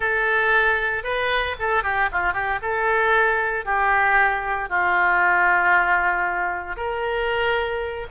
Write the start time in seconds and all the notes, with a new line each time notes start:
0.00 A4
1.03 B4
1.59 A4
1.83 G4
2.11 F4
2.33 G4
2.62 A4
3.65 G4
4.69 F4
6.76 A#4